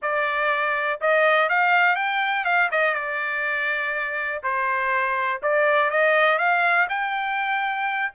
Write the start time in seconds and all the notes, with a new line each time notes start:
0.02 D5
1.00 D#5
1.49 F5
1.95 G5
2.44 F5
2.71 D#5
2.94 D5
4.43 C5
5.42 D5
5.90 D#5
6.38 F5
6.89 G5